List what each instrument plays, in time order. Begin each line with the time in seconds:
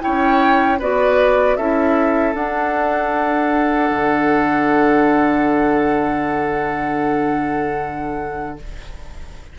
0.00 clarinet E4, oboe C#5, flute G5
0.06 bassoon C#4
0.79 bassoon B3, clarinet F#4, oboe B4, flute D5
1.56 bassoon C#4, clarinet E4, oboe A4, flute E5
2.35 bassoon D4, clarinet D4, flute F#5
3.91 bassoon D3